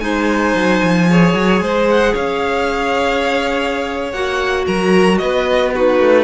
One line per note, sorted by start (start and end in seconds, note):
0.00 0.55 G#3
0.00 1.07 D#4
0.00 1.10 C5
0.00 1.86 G#5
0.55 0.82 F#3
0.83 1.34 F3
1.09 4.14 G#4
1.09 1.63 C#5
1.34 1.61 F#3
1.61 2.14 G#3
1.61 2.13 C5
1.90 2.15 F#5
2.13 4.13 C#4
2.13 4.65 C#5
2.13 4.12 F5
4.12 4.66 A#3
4.12 5.73 F#4
4.12 4.65 F#5
4.66 5.21 F#3
4.66 5.19 A#4
4.66 5.18 A#5
5.18 6.00 B3
5.18 5.74 B4
5.18 5.71 D#5
5.74 6.24 D#4
5.74 6.24 F#4
5.74 6.24 B4
6.00 6.24 A3